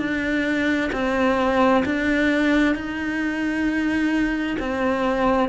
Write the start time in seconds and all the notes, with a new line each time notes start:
0.00 D4
0.93 C4
1.86 D4
2.76 D#4
4.60 C4